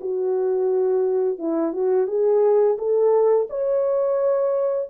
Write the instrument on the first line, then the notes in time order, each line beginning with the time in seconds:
horn
0.00 F#4
1.38 E4
1.73 F#4
2.07 G#4
2.77 A4
3.49 C#5